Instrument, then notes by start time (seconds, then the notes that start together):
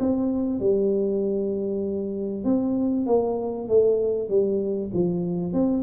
tuba
0.00 C4
0.60 G3
2.44 C4
3.06 A#3
3.68 A3
4.29 G3
4.93 F3
5.53 C4